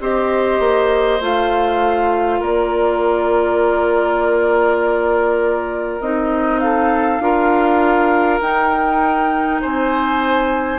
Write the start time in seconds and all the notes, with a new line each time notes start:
0.00 C4 G4 C5 D#5
0.60 A#3
1.21 A3 F4 F5
2.40 A#3 A#4 D5
6.00 C4 D#4 D#5
6.59 A4 F5
7.20 D4 F4 A#4
8.41 D#4 G5
9.61 C4 C5 G#5